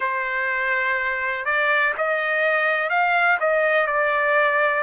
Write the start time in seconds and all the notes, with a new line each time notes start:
0.00 C5
1.45 D5
1.98 D#5
2.89 F5
3.40 D#5
3.86 D5